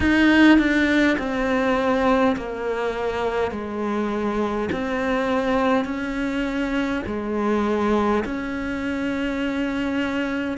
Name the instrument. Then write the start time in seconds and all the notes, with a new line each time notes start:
cello
0.00 D#4
0.58 D4
1.18 C4
2.36 A#3
3.51 G#3
4.72 C4
5.84 C#4
7.06 G#3
8.25 C#4